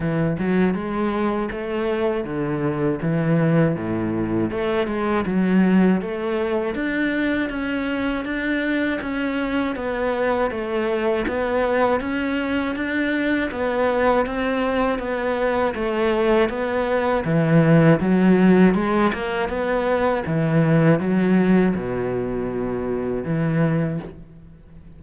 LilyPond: \new Staff \with { instrumentName = "cello" } { \time 4/4 \tempo 4 = 80 e8 fis8 gis4 a4 d4 | e4 a,4 a8 gis8 fis4 | a4 d'4 cis'4 d'4 | cis'4 b4 a4 b4 |
cis'4 d'4 b4 c'4 | b4 a4 b4 e4 | fis4 gis8 ais8 b4 e4 | fis4 b,2 e4 | }